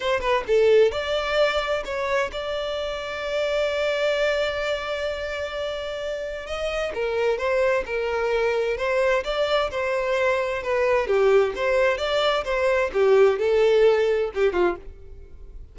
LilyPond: \new Staff \with { instrumentName = "violin" } { \time 4/4 \tempo 4 = 130 c''8 b'8 a'4 d''2 | cis''4 d''2.~ | d''1~ | d''2 dis''4 ais'4 |
c''4 ais'2 c''4 | d''4 c''2 b'4 | g'4 c''4 d''4 c''4 | g'4 a'2 g'8 f'8 | }